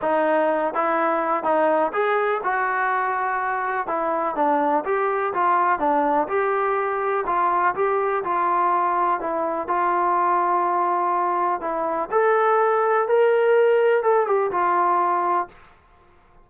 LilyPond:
\new Staff \with { instrumentName = "trombone" } { \time 4/4 \tempo 4 = 124 dis'4. e'4. dis'4 | gis'4 fis'2. | e'4 d'4 g'4 f'4 | d'4 g'2 f'4 |
g'4 f'2 e'4 | f'1 | e'4 a'2 ais'4~ | ais'4 a'8 g'8 f'2 | }